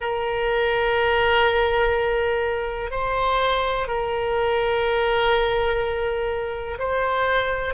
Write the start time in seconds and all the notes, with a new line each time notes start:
0.00 A#4
2.90 C5
3.87 A#4
6.78 C5